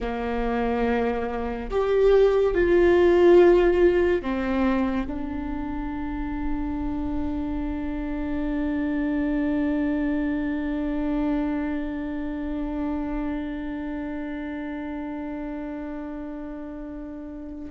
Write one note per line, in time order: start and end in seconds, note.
0.00 1.69 A#3
1.70 2.54 G4
2.54 4.21 F4
4.21 5.06 C4
5.06 17.70 D4